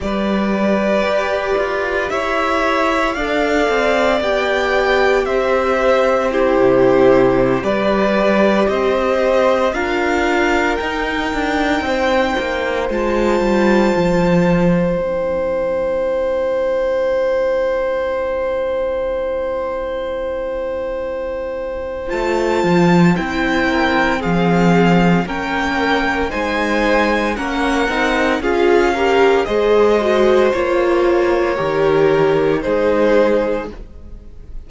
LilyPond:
<<
  \new Staff \with { instrumentName = "violin" } { \time 4/4 \tempo 4 = 57 d''2 e''4 f''4 | g''4 e''4 c''4~ c''16 d''8.~ | d''16 dis''4 f''4 g''4.~ g''16~ | g''16 a''2 g''4.~ g''16~ |
g''1~ | g''4 a''4 g''4 f''4 | g''4 gis''4 fis''4 f''4 | dis''4 cis''2 c''4 | }
  \new Staff \with { instrumentName = "violin" } { \time 4/4 b'2 cis''4 d''4~ | d''4 c''4 g'4~ g'16 b'8.~ | b'16 c''4 ais'2 c''8.~ | c''1~ |
c''1~ | c''2~ c''8 ais'8 gis'4 | ais'4 c''4 ais'4 gis'8 ais'8 | c''2 ais'4 gis'4 | }
  \new Staff \with { instrumentName = "viola" } { \time 4/4 g'2. a'4 | g'2 e'4~ e'16 g'8.~ | g'4~ g'16 f'4 dis'4.~ dis'16~ | dis'16 f'2 e'4.~ e'16~ |
e'1~ | e'4 f'4 e'4 c'4 | cis'4 dis'4 cis'8 dis'8 f'8 g'8 | gis'8 fis'8 f'4 g'4 dis'4 | }
  \new Staff \with { instrumentName = "cello" } { \time 4/4 g4 g'8 f'8 e'4 d'8 c'8 | b4 c'4~ c'16 c4 g8.~ | g16 c'4 d'4 dis'8 d'8 c'8 ais16~ | ais16 gis8 g8 f4 c'4.~ c'16~ |
c'1~ | c'4 a8 f8 c'4 f4 | ais4 gis4 ais8 c'8 cis'4 | gis4 ais4 dis4 gis4 | }
>>